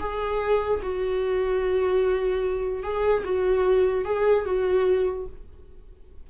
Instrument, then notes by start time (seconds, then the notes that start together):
viola
0.00 G#4
0.83 F#4
2.84 G#4
3.25 F#4
4.05 G#4
4.46 F#4